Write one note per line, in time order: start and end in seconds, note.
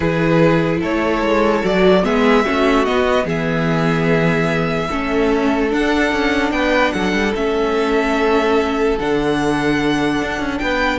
0.00 0.81 E3
0.00 1.62 E4
0.00 0.79 G#4
0.00 0.79 B4
0.79 1.21 A3
0.79 2.02 A4
0.79 1.65 C#5
1.21 1.62 G#3
1.62 2.04 F#3
1.62 2.03 F#4
1.62 2.04 D5
2.03 2.45 G#3
2.03 2.44 B3
2.03 2.44 G#4
2.03 2.84 E5
2.44 2.88 A3
2.44 2.86 C#4
2.44 3.25 F#4
2.84 4.90 B3
2.84 3.25 B3
2.84 3.25 D#5
3.25 4.88 E3
3.25 4.88 G#4
3.25 5.73 E5
4.89 5.72 A3
4.89 5.69 C#4
4.89 6.52 A4
5.69 7.32 D4
5.69 6.12 D4
5.69 6.51 F#5
6.12 6.51 C#4
6.51 6.91 B3
6.51 6.93 B4
6.51 6.92 G5
6.92 7.13 F#3
6.92 10.61 A4
6.92 7.33 F#5
7.13 7.33 G3
7.35 8.98 A3
7.35 8.98 C#4
7.35 8.99 E5
8.99 10.21 D3
8.99 10.99 D4
8.99 10.58 F#5
10.21 10.39 D4
10.39 10.60 C#4
10.58 10.99 B3
10.58 10.99 B4
10.58 10.99 G5